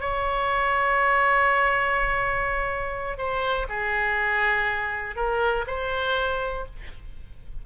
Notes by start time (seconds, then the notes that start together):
0.00 C#5
3.18 C5
3.69 G#4
5.16 A#4
5.67 C5